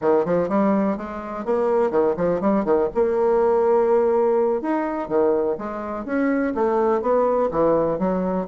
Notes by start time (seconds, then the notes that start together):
0.01 D#3
0.25 F3
0.49 G3
0.97 G#3
1.45 A#3
1.90 D#3
2.16 F3
2.41 G3
2.64 D#3
2.94 A#3
4.61 D#4
5.08 D#3
5.58 G#3
6.05 C#4
6.54 A3
7.01 B3
7.51 E3
7.98 F#3